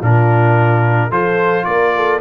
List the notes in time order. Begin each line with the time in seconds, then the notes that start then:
0.00 A#2 D4 F4 A#4
1.11 F3 F4 A4 C5
1.65 A#3 A#4 D5
1.96 A4